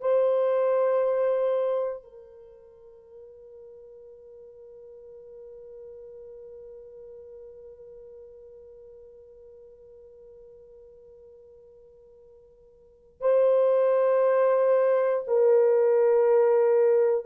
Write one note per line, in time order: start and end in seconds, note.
0.00 2.03 C5
2.03 13.20 A#4
13.20 15.24 C5
15.27 17.25 A#4